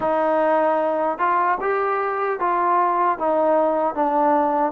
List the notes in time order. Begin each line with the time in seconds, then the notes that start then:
0.00 D#4
1.18 F4
1.60 G4
2.39 F4
3.18 D#4
3.94 D4